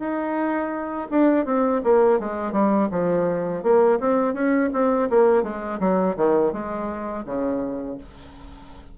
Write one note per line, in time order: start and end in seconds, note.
0.00 1.08 D#4
1.11 1.46 D4
1.46 1.82 C4
1.84 2.20 A#3
2.20 2.53 G#3
2.53 2.89 G3
2.91 3.63 F3
3.63 4.00 A#3
4.00 4.34 C4
4.34 4.71 C#4
4.73 5.10 C4
5.10 5.44 A#3
5.44 5.80 G#3
5.80 6.16 F#3
6.17 6.53 D#3
6.53 7.25 G#3
7.26 7.98 C#3